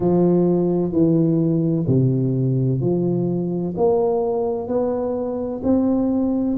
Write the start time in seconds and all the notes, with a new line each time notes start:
0.00 F3
0.92 E3
1.87 C3
2.80 F3
3.76 A#3
4.67 B3
5.63 C4